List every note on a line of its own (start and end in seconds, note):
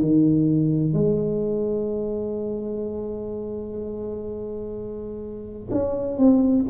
0.00 0.93 D#3
0.93 5.69 G#3
5.71 6.17 C#4
6.17 6.65 C4